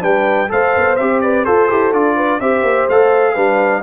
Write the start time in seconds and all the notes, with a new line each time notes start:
0.00 G3 D4 B4 G5
0.48 A3 A4 C5 F5
0.76 B3
0.96 C4 G4 E5
1.21 B4 D5
1.45 F4 A4 C5
1.69 E4 G4
1.92 D4 F4 D5
2.16 B4
2.39 C4 G4 C5 E5
2.62 A#3
2.88 A3 A4 F5
3.34 G3 D4 B4